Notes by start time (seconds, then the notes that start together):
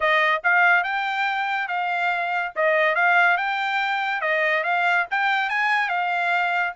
0.00 D#5
0.43 F5
0.83 G5
1.67 F5
2.55 D#5
2.95 F5
3.37 G5
4.21 D#5
4.63 F5
5.10 G5
5.49 G#5
5.88 F5